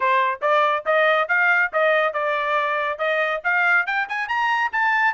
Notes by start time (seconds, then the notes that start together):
0.00 C5
0.41 D5
0.85 D#5
1.28 F5
1.72 D#5
2.13 D5
2.98 D#5
3.44 F5
3.86 G5
4.08 G#5
4.28 A#5
4.72 A5